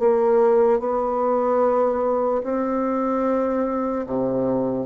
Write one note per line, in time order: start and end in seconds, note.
0.00 0.80 A#3
0.80 2.42 B3
2.44 4.06 C4
4.07 4.87 C3